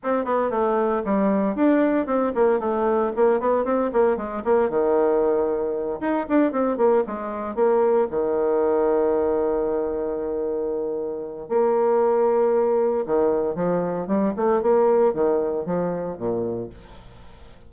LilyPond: \new Staff \with { instrumentName = "bassoon" } { \time 4/4 \tempo 4 = 115 c'8 b8 a4 g4 d'4 | c'8 ais8 a4 ais8 b8 c'8 ais8 | gis8 ais8 dis2~ dis8 dis'8 | d'8 c'8 ais8 gis4 ais4 dis8~ |
dis1~ | dis2 ais2~ | ais4 dis4 f4 g8 a8 | ais4 dis4 f4 ais,4 | }